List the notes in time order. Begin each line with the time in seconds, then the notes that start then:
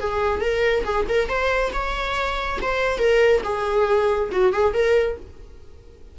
0.00 G#4
0.41 A#4
0.85 G#4
1.09 A#4
1.29 C5
1.73 C#5
2.62 C5
2.98 A#4
3.44 G#4
4.31 F#4
4.53 G#4
4.73 A#4